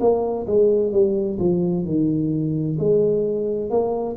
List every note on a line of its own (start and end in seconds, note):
0.00 0.46 A#3
0.47 0.92 G#3
0.92 1.38 G3
1.39 1.85 F3
1.85 2.77 D#3
2.79 3.70 G#3
3.70 4.16 A#3